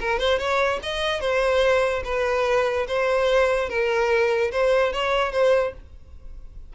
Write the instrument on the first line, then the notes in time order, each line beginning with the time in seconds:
violin
0.00 A#4
0.19 C5
0.38 C#5
0.82 D#5
1.20 C5
2.04 B4
2.87 C5
3.69 A#4
4.51 C5
4.92 C#5
5.32 C5